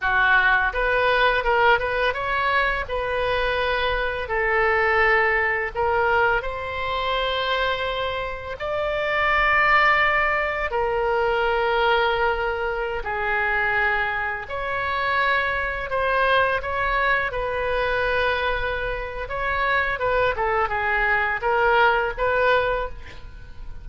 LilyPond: \new Staff \with { instrumentName = "oboe" } { \time 4/4 \tempo 4 = 84 fis'4 b'4 ais'8 b'8 cis''4 | b'2 a'2 | ais'4 c''2. | d''2. ais'4~ |
ais'2~ ais'16 gis'4.~ gis'16~ | gis'16 cis''2 c''4 cis''8.~ | cis''16 b'2~ b'8. cis''4 | b'8 a'8 gis'4 ais'4 b'4 | }